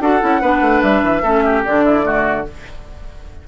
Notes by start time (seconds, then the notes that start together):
0.00 D4 F#4 A4 F#5
0.20 C#4 E4
0.41 B3 D4 B4
0.61 A3
0.81 G3 E5
1.02 E3
1.22 A3 C#4 A4
1.44 G4
1.64 D3 D4 D5
1.84 E4
2.02 A3 F#4